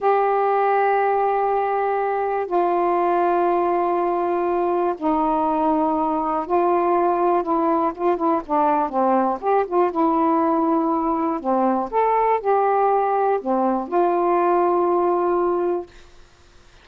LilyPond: \new Staff \with { instrumentName = "saxophone" } { \time 4/4 \tempo 4 = 121 g'1~ | g'4 f'2.~ | f'2 dis'2~ | dis'4 f'2 e'4 |
f'8 e'8 d'4 c'4 g'8 f'8 | e'2. c'4 | a'4 g'2 c'4 | f'1 | }